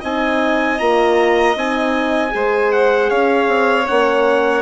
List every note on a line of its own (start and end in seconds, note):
0.00 0.80 C4
0.00 0.79 D#4
0.00 2.31 D#5
0.00 0.79 G#5
0.79 1.55 A#3
0.79 1.56 F4
0.79 1.56 A#5
1.55 2.32 C4
1.55 2.29 D#4
1.55 2.72 G#5
2.29 3.10 G#3
2.29 3.83 G#4
2.29 3.10 C5
2.72 3.10 F#5
3.10 3.47 C#4
3.10 4.62 C#5
3.10 3.87 F5
3.47 3.86 C4
3.87 4.62 A#3
3.87 4.62 C#4
3.87 4.62 F#5